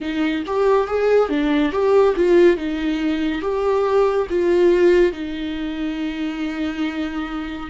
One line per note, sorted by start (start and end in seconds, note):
0.00 0.43 D#4
0.46 0.87 G4
0.87 1.29 G#4
1.29 1.71 D4
1.71 2.14 G4
2.16 2.56 F4
2.56 3.41 D#4
3.41 4.27 G4
4.29 5.12 F4
5.12 7.69 D#4